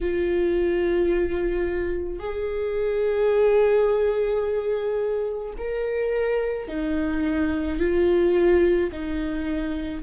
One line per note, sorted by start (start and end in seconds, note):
0.01 2.19 F4
2.19 5.53 G#4
5.58 6.68 A#4
6.68 7.79 D#4
7.79 8.90 F4
8.91 10.03 D#4